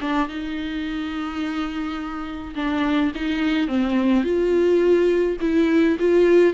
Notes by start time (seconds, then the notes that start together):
0.00 D4
0.28 D#4
2.55 D4
3.15 D#4
3.67 C4
4.23 F4
5.40 E4
5.99 F4